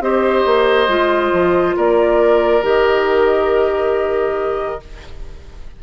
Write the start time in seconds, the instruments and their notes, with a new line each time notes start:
0.00 bassoon C4, clarinet G4, oboe C5, flute D#5
0.45 bassoon A#3
0.88 bassoon G#3, clarinet F4
1.33 bassoon F3
1.76 bassoon A#3, oboe A#4, flute D5
2.62 bassoon D#3, clarinet G4, flute D#5